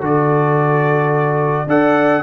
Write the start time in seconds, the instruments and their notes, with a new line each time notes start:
0.00 tuba D3, trombone F#4, horn A4, trumpet D5
1.67 tuba D4, trombone A4, horn D5, trumpet F#5